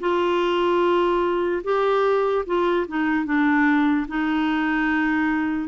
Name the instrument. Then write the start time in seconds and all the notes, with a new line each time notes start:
clarinet
0.00 F4
1.64 G4
2.46 F4
2.88 D#4
3.25 D4
4.08 D#4